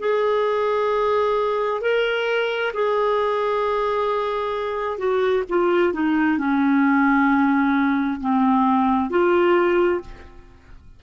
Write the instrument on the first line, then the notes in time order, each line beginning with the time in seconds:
clarinet
0.00 G#4
1.81 A#4
2.74 G#4
4.98 F#4
5.50 F4
5.93 D#4
6.38 C#4
8.21 C4
9.10 F4